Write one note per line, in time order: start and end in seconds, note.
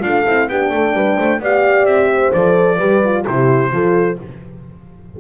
0.00 0.25 D4
0.00 0.23 F4
0.00 0.50 A4
0.00 0.49 F5
0.26 0.48 C4
0.26 0.49 E4
0.48 0.70 B3
0.48 1.42 D4
0.48 0.73 G4
0.48 1.41 G5
0.70 0.93 A3
0.70 0.95 A4
0.93 1.16 G3
0.93 1.16 B4
1.16 1.39 A3
1.16 1.39 C5
1.39 1.84 B3
1.39 2.34 G4
1.39 2.10 D5
1.39 1.85 F5
1.84 2.30 C4
1.84 2.32 E5
2.13 2.77 C5
2.33 2.79 F3
2.33 2.80 A4
2.33 3.25 D5
2.77 3.25 G3
2.77 3.03 G4
2.77 3.23 B4
3.04 3.25 F4
3.25 3.72 C3
3.25 3.71 E4
3.25 3.73 G4
3.25 4.19 C5
3.71 4.18 F3
3.71 4.17 F4
3.71 4.20 A4